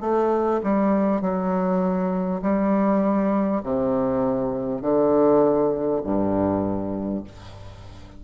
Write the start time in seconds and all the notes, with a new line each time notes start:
0.00 A3
0.63 G3
1.21 F#3
2.42 G3
3.63 C3
4.81 D3
6.03 G2